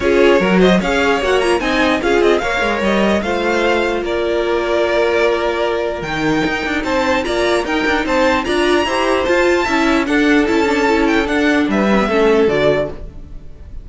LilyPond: <<
  \new Staff \with { instrumentName = "violin" } { \time 4/4 \tempo 4 = 149 cis''4. dis''8 f''4 fis''8 ais''8 | gis''4 f''8 dis''8 f''4 dis''4 | f''2 d''2~ | d''2. g''4~ |
g''4 a''4 ais''4 g''4 | a''4 ais''2 a''4~ | a''4 fis''4 a''4. g''8 | fis''4 e''2 d''4 | }
  \new Staff \with { instrumentName = "violin" } { \time 4/4 gis'4 ais'8 c''8 cis''2 | dis''4 gis'4 cis''2 | c''2 ais'2~ | ais'1~ |
ais'4 c''4 d''4 ais'4 | c''4 d''4 c''2 | e''4 a'2.~ | a'4 b'4 a'2 | }
  \new Staff \with { instrumentName = "viola" } { \time 4/4 f'4 fis'4 gis'4 fis'8 f'8 | dis'4 f'4 ais'2 | f'1~ | f'2. dis'4~ |
dis'2 f'4 dis'4~ | dis'4 f'4 g'4 f'4 | e'4 d'4 e'8 d'8 e'4 | d'4. cis'16 b16 cis'4 fis'4 | }
  \new Staff \with { instrumentName = "cello" } { \time 4/4 cis'4 fis4 cis'4 ais4 | c'4 cis'8 c'8 ais8 gis8 g4 | a2 ais2~ | ais2. dis4 |
dis'8 d'8 c'4 ais4 dis'8 d'8 | c'4 d'4 e'4 f'4 | cis'4 d'4 cis'2 | d'4 g4 a4 d4 | }
>>